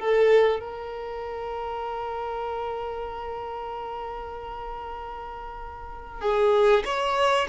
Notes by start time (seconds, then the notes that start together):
0.00 A4
0.61 A#4
6.22 G#4
6.86 C#5